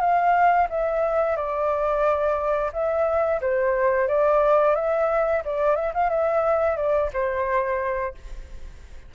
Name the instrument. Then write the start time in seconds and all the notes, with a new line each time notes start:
flute
0.00 F5
0.69 E5
1.36 D5
2.73 E5
3.41 C5
4.08 D5
4.75 E5
5.45 D5
5.75 E5
5.94 F5
6.09 E5
6.77 D5
7.13 C5